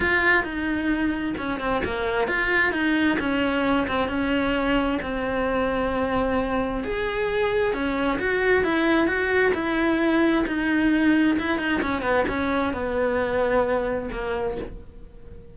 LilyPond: \new Staff \with { instrumentName = "cello" } { \time 4/4 \tempo 4 = 132 f'4 dis'2 cis'8 c'8 | ais4 f'4 dis'4 cis'4~ | cis'8 c'8 cis'2 c'4~ | c'2. gis'4~ |
gis'4 cis'4 fis'4 e'4 | fis'4 e'2 dis'4~ | dis'4 e'8 dis'8 cis'8 b8 cis'4 | b2. ais4 | }